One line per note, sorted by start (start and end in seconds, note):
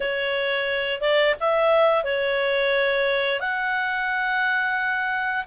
0.00 1.00 C#5
1.00 1.35 D5
1.39 2.04 E5
2.04 3.40 C#5
3.40 5.44 F#5